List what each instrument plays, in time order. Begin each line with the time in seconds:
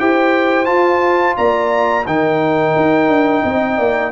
0.00 tuba E4, trombone G4, horn C5, trumpet G5
0.66 trombone F4, tuba F4, trumpet A5
1.37 tuba A#3, horn D5, trumpet A#5
2.06 tuba D#3, trombone D#4, horn A#4, trumpet G5
2.77 tuba D#4
3.09 tuba D4
3.44 tuba C4, horn D#5
3.77 tuba A#3, horn D5